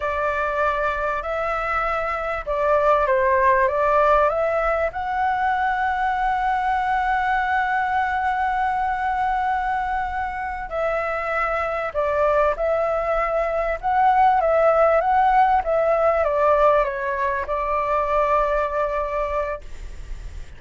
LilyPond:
\new Staff \with { instrumentName = "flute" } { \time 4/4 \tempo 4 = 98 d''2 e''2 | d''4 c''4 d''4 e''4 | fis''1~ | fis''1~ |
fis''4. e''2 d''8~ | d''8 e''2 fis''4 e''8~ | e''8 fis''4 e''4 d''4 cis''8~ | cis''8 d''2.~ d''8 | }